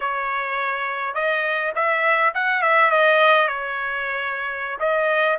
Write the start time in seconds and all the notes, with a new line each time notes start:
0.00 C#5
1.14 D#5
1.75 E5
2.34 F#5
2.61 E5
2.90 D#5
3.47 C#5
4.79 D#5